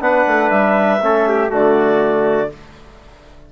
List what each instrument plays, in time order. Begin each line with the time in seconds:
0.00 bassoon B3, trombone D4, trumpet B4, clarinet F#5
0.27 bassoon A3
0.50 bassoon G3, clarinet E5
1.02 bassoon A3, trombone C#4, trumpet A4
1.29 trumpet G4
1.49 bassoon D3, trombone A3, trumpet F#4, clarinet D5